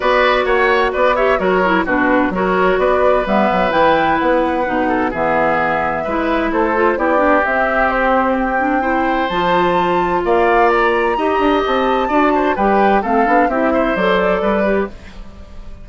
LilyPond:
<<
  \new Staff \with { instrumentName = "flute" } { \time 4/4 \tempo 4 = 129 d''4 fis''4 d''8 e''8 cis''4 | b'4 cis''4 d''4 e''4 | g''4 fis''2 e''4~ | e''2 c''4 d''4 |
e''4 c''4 g''2 | a''2 f''4 ais''4~ | ais''4 a''2 g''4 | f''4 e''4 d''2 | }
  \new Staff \with { instrumentName = "oboe" } { \time 4/4 b'4 cis''4 b'8 cis''8 ais'4 | fis'4 ais'4 b'2~ | b'2~ b'8 a'8 gis'4~ | gis'4 b'4 a'4 g'4~ |
g'2. c''4~ | c''2 d''2 | dis''2 d''8 c''8 b'4 | a'4 g'8 c''4. b'4 | }
  \new Staff \with { instrumentName = "clarinet" } { \time 4/4 fis'2~ fis'8 g'8 fis'8 e'8 | d'4 fis'2 b4 | e'2 dis'4 b4~ | b4 e'4. f'8 e'8 d'8 |
c'2~ c'8 d'8 e'4 | f'1 | g'2 fis'4 g'4 | c'8 d'8 e'4 a'4. g'8 | }
  \new Staff \with { instrumentName = "bassoon" } { \time 4/4 b4 ais4 b4 fis4 | b,4 fis4 b4 g8 fis8 | e4 b4 b,4 e4~ | e4 gis4 a4 b4 |
c'1 | f2 ais2 | dis'8 d'8 c'4 d'4 g4 | a8 b8 c'4 fis4 g4 | }
>>